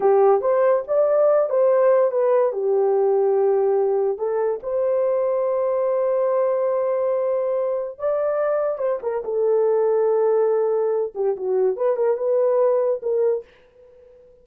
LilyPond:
\new Staff \with { instrumentName = "horn" } { \time 4/4 \tempo 4 = 143 g'4 c''4 d''4. c''8~ | c''4 b'4 g'2~ | g'2 a'4 c''4~ | c''1~ |
c''2. d''4~ | d''4 c''8 ais'8 a'2~ | a'2~ a'8 g'8 fis'4 | b'8 ais'8 b'2 ais'4 | }